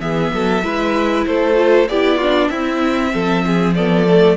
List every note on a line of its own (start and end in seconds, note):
0.00 0.32 E3
0.00 0.62 B3
0.00 0.33 G#4
0.00 1.25 E5
0.33 0.63 F#3
0.33 0.64 A4
0.63 1.25 G#3
0.63 1.55 E4
0.63 1.27 B4
1.26 1.88 A3
1.26 1.90 A4
1.26 1.89 C5
1.55 1.86 F4
1.88 2.50 B3
1.88 2.22 E4
1.88 2.17 G4
1.88 2.49 D5
2.17 2.53 D4
2.17 2.48 F4
2.49 3.13 C4
2.49 3.76 C4
2.49 3.13 E4
2.49 3.74 E5
3.13 4.36 F3
3.13 3.45 A4
3.46 3.76 G#4
3.75 4.06 B3
3.75 4.36 A4
3.75 4.36 D5
4.06 4.36 A3